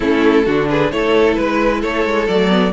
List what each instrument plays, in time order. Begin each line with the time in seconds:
0.00 cello A3, viola C#4, violin E4 A4
0.45 cello D3, viola D4, violin F#4
0.69 violin G#4 B4
0.91 cello A3, viola E4, violin A4 C#5
1.34 cello G#3, violin B4
1.81 cello A3, violin A4 C#5
2.05 cello G#3
2.27 cello F#3, viola A3, violin D5
2.49 viola B3